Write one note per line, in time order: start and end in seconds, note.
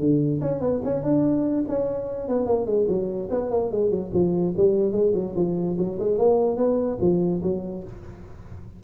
0.00 0.41 D3
0.41 0.61 C#4
0.61 0.81 B3
0.85 1.03 C#4
1.03 1.65 D4
1.69 2.29 C#4
2.29 2.47 B3
2.47 2.67 A#3
2.67 2.87 G#3
2.88 3.29 F#3
3.31 3.51 B3
3.51 3.72 A#3
3.72 3.91 G#3
3.91 4.11 F#3
4.14 4.55 F3
4.57 4.92 G3
4.92 5.13 G#3
5.15 5.35 F#3
5.36 5.77 F3
5.79 5.99 F#3
6.00 6.19 G#3
6.19 6.58 A#3
6.58 6.99 B3
7.01 7.42 F3
7.43 7.84 F#3